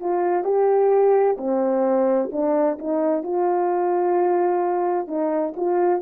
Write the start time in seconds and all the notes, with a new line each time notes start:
0.00 F4
0.44 G4
1.38 C4
2.32 D4
2.79 D#4
3.23 F4
5.08 D#4
5.56 F4